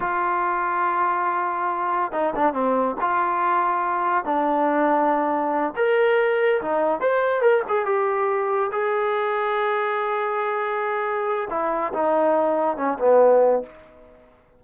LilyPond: \new Staff \with { instrumentName = "trombone" } { \time 4/4 \tempo 4 = 141 f'1~ | f'4 dis'8 d'8 c'4 f'4~ | f'2 d'2~ | d'4. ais'2 dis'8~ |
dis'8 c''4 ais'8 gis'8 g'4.~ | g'8 gis'2.~ gis'8~ | gis'2. e'4 | dis'2 cis'8 b4. | }